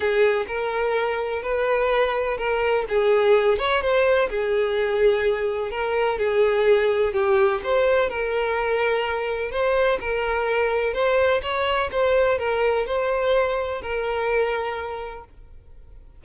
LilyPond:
\new Staff \with { instrumentName = "violin" } { \time 4/4 \tempo 4 = 126 gis'4 ais'2 b'4~ | b'4 ais'4 gis'4. cis''8 | c''4 gis'2. | ais'4 gis'2 g'4 |
c''4 ais'2. | c''4 ais'2 c''4 | cis''4 c''4 ais'4 c''4~ | c''4 ais'2. | }